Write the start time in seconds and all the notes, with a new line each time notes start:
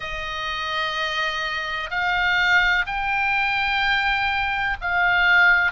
0.00 D#5
1.90 F5
2.86 G5
4.81 F5